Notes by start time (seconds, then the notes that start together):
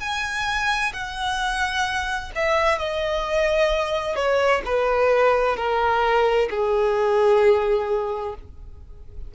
0.00 G#5
0.93 F#5
2.35 E5
2.78 D#5
4.15 C#5
4.65 B4
5.56 A#4
6.50 G#4